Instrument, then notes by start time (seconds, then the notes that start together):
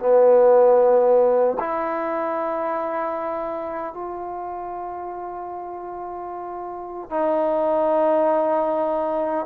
trombone
0.00 B3
1.60 E4
3.94 F4
7.11 D#4